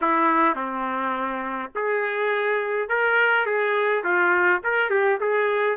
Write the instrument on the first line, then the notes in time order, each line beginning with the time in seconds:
trumpet
0.01 E4
0.55 C4
1.75 G#4
2.88 A#4
3.46 G#4
4.04 F4
4.63 A#4
4.90 G4
5.20 G#4